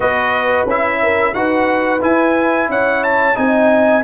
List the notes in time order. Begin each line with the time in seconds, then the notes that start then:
0.00 B3 F#4 B4 D#5
0.65 C#4 E4 E5
1.01 A#4
1.33 D#4 F#4 B4 F#5
2.00 E4 G#5
2.68 C#4 C#5 F#5
3.03 A5
3.34 C4 D#4 D#5 G#5